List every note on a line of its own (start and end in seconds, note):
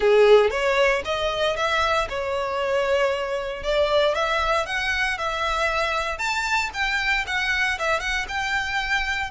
0.00 0.50 G#4
0.50 1.02 C#5
1.05 1.56 D#5
1.56 2.08 E5
2.09 3.63 C#5
3.63 4.14 D5
4.14 4.66 E5
4.66 5.17 F#5
5.17 6.18 E5
6.18 6.70 A5
6.73 7.25 G5
7.26 7.78 F#5
7.78 8.00 E5
8.00 8.25 F#5
8.28 9.30 G5